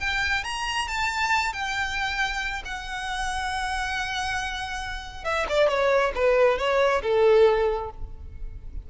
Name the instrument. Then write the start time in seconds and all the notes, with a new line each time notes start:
violin
0.00 G5
0.44 A#5
0.88 A5
1.53 G5
2.65 F#5
5.24 E5
5.49 D5
5.69 C#5
6.15 B4
6.58 C#5
7.03 A4